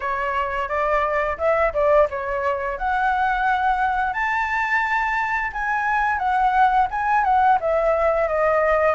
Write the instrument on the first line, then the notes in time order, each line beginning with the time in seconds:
flute
0.00 C#5
0.68 D5
1.38 E5
1.73 D5
2.09 C#5
2.77 F#5
4.13 A5
5.52 G#5
6.18 F#5
6.91 G#5
7.24 F#5
7.60 E5
8.28 D#5